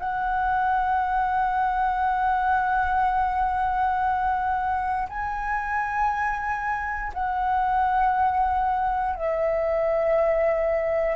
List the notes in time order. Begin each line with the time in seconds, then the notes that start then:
0.00 F#5
5.09 G#5
7.14 F#5
9.16 E5